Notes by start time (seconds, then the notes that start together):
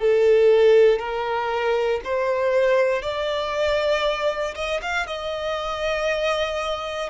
0.00 A4
0.99 A#4
2.04 C5
3.02 D5
4.55 D#5
4.82 F5
5.07 D#5